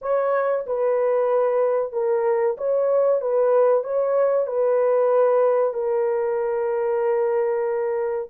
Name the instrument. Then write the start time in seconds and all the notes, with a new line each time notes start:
horn
0.01 C#5
0.66 B4
1.92 A#4
2.57 C#5
3.21 B4
3.83 C#5
4.47 B4
5.73 A#4